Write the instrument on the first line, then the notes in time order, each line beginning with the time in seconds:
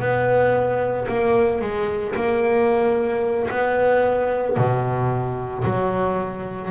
double bass
0.00 B3
1.08 A#3
1.61 G#3
2.15 A#3
3.51 B3
4.57 B2
5.64 F#3